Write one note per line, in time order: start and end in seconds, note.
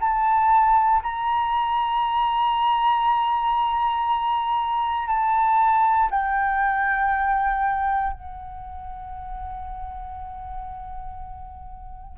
0.00 1.02 A5
1.03 5.07 A#5
5.07 6.09 A5
6.10 8.13 G5
8.13 12.18 F#5